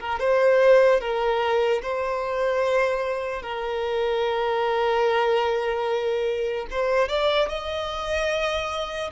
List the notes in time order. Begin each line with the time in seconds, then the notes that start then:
0.00 A#4
0.19 C5
1.00 A#4
1.82 C5
3.42 A#4
6.70 C5
7.08 D5
7.48 D#5